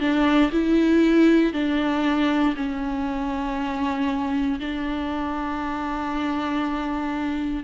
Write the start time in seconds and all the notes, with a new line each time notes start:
0.00 D4
0.52 E4
1.53 D4
2.56 C#4
4.59 D4